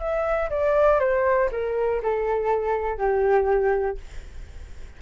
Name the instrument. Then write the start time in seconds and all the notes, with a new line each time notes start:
flute
0.00 E5
0.50 D5
1.00 C5
1.52 A#4
2.03 A4
2.98 G4